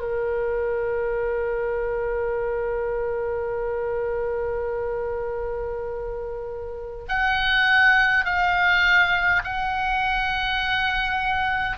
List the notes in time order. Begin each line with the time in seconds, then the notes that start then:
0.00 A#4
7.09 F#5
8.25 F5
9.44 F#5